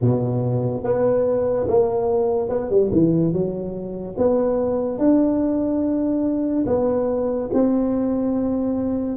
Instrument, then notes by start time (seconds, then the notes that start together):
tuba
0.01 B2
0.83 B3
1.67 A#3
2.49 B3
2.69 G3
2.92 E3
3.33 F#3
4.17 B3
4.98 D4
6.66 B3
7.53 C4